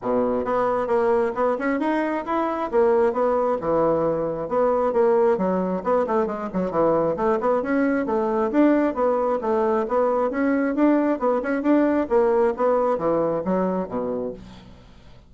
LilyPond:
\new Staff \with { instrumentName = "bassoon" } { \time 4/4 \tempo 4 = 134 b,4 b4 ais4 b8 cis'8 | dis'4 e'4 ais4 b4 | e2 b4 ais4 | fis4 b8 a8 gis8 fis8 e4 |
a8 b8 cis'4 a4 d'4 | b4 a4 b4 cis'4 | d'4 b8 cis'8 d'4 ais4 | b4 e4 fis4 b,4 | }